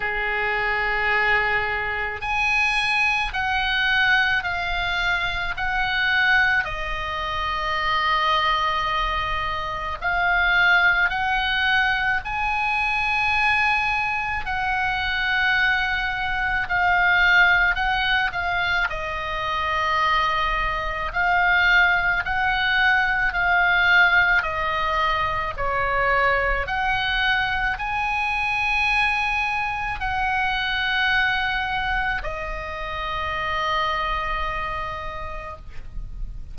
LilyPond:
\new Staff \with { instrumentName = "oboe" } { \time 4/4 \tempo 4 = 54 gis'2 gis''4 fis''4 | f''4 fis''4 dis''2~ | dis''4 f''4 fis''4 gis''4~ | gis''4 fis''2 f''4 |
fis''8 f''8 dis''2 f''4 | fis''4 f''4 dis''4 cis''4 | fis''4 gis''2 fis''4~ | fis''4 dis''2. | }